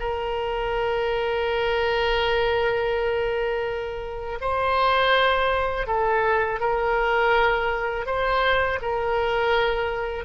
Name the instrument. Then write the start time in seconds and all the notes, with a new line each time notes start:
oboe
0.00 A#4
4.41 C5
5.87 A4
6.60 A#4
8.06 C5
8.82 A#4